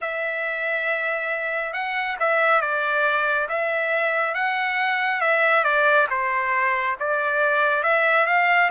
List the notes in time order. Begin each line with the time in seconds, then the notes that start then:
0.01 E5
1.73 F#5
2.19 E5
2.61 D5
3.49 E5
4.34 F#5
5.20 E5
5.63 D5
6.09 C5
6.99 D5
7.83 E5
8.26 F5